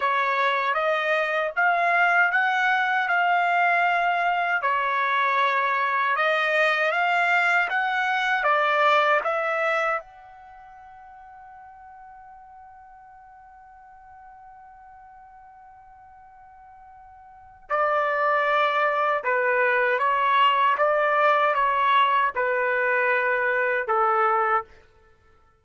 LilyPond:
\new Staff \with { instrumentName = "trumpet" } { \time 4/4 \tempo 4 = 78 cis''4 dis''4 f''4 fis''4 | f''2 cis''2 | dis''4 f''4 fis''4 d''4 | e''4 fis''2.~ |
fis''1~ | fis''2. d''4~ | d''4 b'4 cis''4 d''4 | cis''4 b'2 a'4 | }